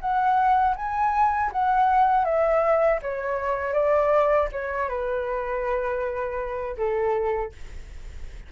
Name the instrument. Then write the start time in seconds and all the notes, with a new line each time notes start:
flute
0.00 F#5
0.76 G#5
1.52 F#5
2.24 E5
3.02 C#5
3.73 D5
4.51 C#5
4.89 B4
6.77 A4